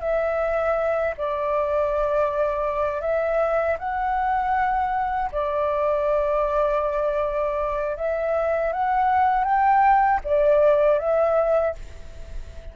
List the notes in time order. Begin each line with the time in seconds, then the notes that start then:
0.00 E5
1.17 D5
3.01 E5
3.78 F#5
5.32 D5
7.96 E5
8.72 F#5
9.44 G5
10.24 D5
10.99 E5